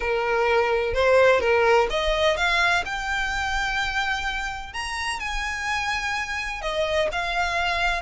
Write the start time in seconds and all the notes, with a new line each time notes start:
0.00 A#4
0.94 C5
1.40 A#4
1.90 D#5
2.36 F5
2.85 G5
4.73 A#5
5.19 G#5
6.61 D#5
7.11 F5